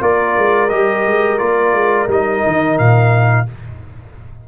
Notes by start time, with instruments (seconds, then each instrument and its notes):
0.00 tuba A#3, trombone F4, horn A#4, trumpet D5
0.37 tuba G#3
0.69 tuba G3, trombone G4, trumpet D#5
1.05 tuba G#3
1.38 tuba A#3, trombone F4, trumpet D5
1.72 tuba G#3
2.07 tuba G3, trombone D#4, trumpet D#5
2.46 tuba D#3
2.78 tuba A#2, trumpet F5